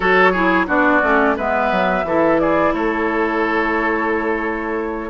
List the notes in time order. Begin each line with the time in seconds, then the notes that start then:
0.00 F#3 F#4 A4 C#5
0.32 E4 G#4
0.66 B3 D4 F#4 D5
1.02 A3 C#4
1.37 G#3 B3 B4 E5
1.71 F#3
2.03 E3 E4 A4
2.39 G#4 D5
2.73 A3 A4 C#5